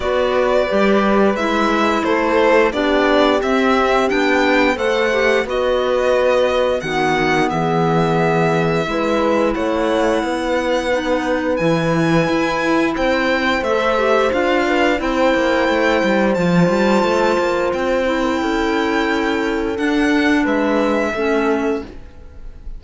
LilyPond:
<<
  \new Staff \with { instrumentName = "violin" } { \time 4/4 \tempo 4 = 88 d''2 e''4 c''4 | d''4 e''4 g''4 fis''4 | dis''2 fis''4 e''4~ | e''2 fis''2~ |
fis''4 gis''2 g''4 | e''4 f''4 g''2 | a''2 g''2~ | g''4 fis''4 e''2 | }
  \new Staff \with { instrumentName = "horn" } { \time 4/4 b'2. a'4 | g'2. c''4 | b'2 fis'4 gis'4~ | gis'4 b'4 cis''4 b'4~ |
b'2. c''4~ | c''4. b'8 c''2~ | c''2~ c''8. ais'16 a'4~ | a'2 b'4 a'4 | }
  \new Staff \with { instrumentName = "clarinet" } { \time 4/4 fis'4 g'4 e'2 | d'4 c'4 d'4 a'8 g'8 | fis'2 b2~ | b4 e'2. |
dis'4 e'2. | a'8 g'8 f'4 e'2 | f'2~ f'8 e'4.~ | e'4 d'2 cis'4 | }
  \new Staff \with { instrumentName = "cello" } { \time 4/4 b4 g4 gis4 a4 | b4 c'4 b4 a4 | b2 dis4 e4~ | e4 gis4 a4 b4~ |
b4 e4 e'4 c'4 | a4 d'4 c'8 ais8 a8 g8 | f8 g8 a8 ais8 c'4 cis'4~ | cis'4 d'4 gis4 a4 | }
>>